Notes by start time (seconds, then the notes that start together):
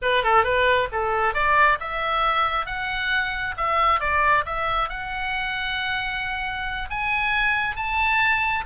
0.02 B4
0.23 A4
0.43 B4
0.92 A4
1.34 D5
1.80 E5
2.65 F#5
3.57 E5
4.00 D5
4.45 E5
4.89 F#5
6.90 G#5
7.76 A5